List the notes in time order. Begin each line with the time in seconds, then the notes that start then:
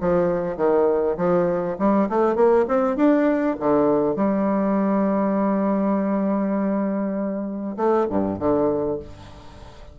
0.00 F3
0.56 D#3
1.17 F3
1.78 G3
2.09 A3
2.35 A#3
2.68 C4
2.96 D4
3.59 D3
4.16 G3
7.76 A3
8.10 G2
8.39 D3